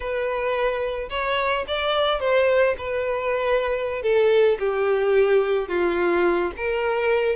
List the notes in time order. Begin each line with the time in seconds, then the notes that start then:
0.00 B4
1.09 C#5
1.67 D5
2.20 C5
2.78 B4
4.02 A4
4.59 G4
5.68 F4
6.57 A#4